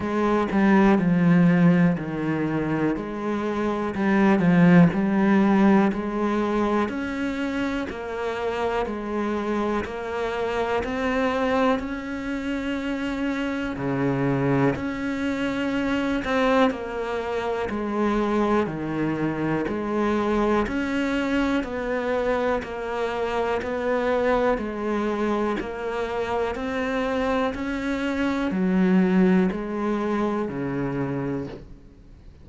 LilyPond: \new Staff \with { instrumentName = "cello" } { \time 4/4 \tempo 4 = 61 gis8 g8 f4 dis4 gis4 | g8 f8 g4 gis4 cis'4 | ais4 gis4 ais4 c'4 | cis'2 cis4 cis'4~ |
cis'8 c'8 ais4 gis4 dis4 | gis4 cis'4 b4 ais4 | b4 gis4 ais4 c'4 | cis'4 fis4 gis4 cis4 | }